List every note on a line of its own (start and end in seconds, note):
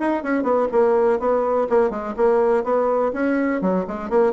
0.00 0.24 D#4
0.24 0.43 C#4
0.43 0.68 B3
0.72 1.20 A#3
1.20 1.68 B3
1.70 1.90 A#3
1.90 2.14 G#3
2.17 2.64 A#3
2.64 3.13 B3
3.13 3.62 C#4
3.62 3.86 F#3
3.88 4.10 G#3
4.10 4.34 A#3